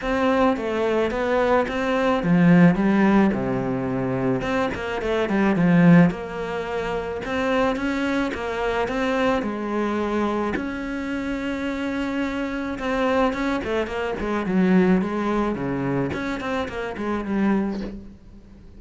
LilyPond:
\new Staff \with { instrumentName = "cello" } { \time 4/4 \tempo 4 = 108 c'4 a4 b4 c'4 | f4 g4 c2 | c'8 ais8 a8 g8 f4 ais4~ | ais4 c'4 cis'4 ais4 |
c'4 gis2 cis'4~ | cis'2. c'4 | cis'8 a8 ais8 gis8 fis4 gis4 | cis4 cis'8 c'8 ais8 gis8 g4 | }